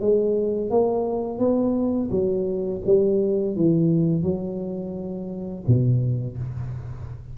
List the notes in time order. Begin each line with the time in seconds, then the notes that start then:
0.00 G#3
0.70 A#3
1.38 B3
2.10 F#3
2.86 G3
3.56 E3
4.23 F#3
5.67 B2